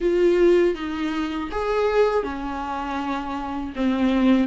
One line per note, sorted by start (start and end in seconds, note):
0.00 0.75 F4
0.75 1.50 D#4
1.51 2.23 G#4
2.23 3.73 C#4
3.75 4.47 C4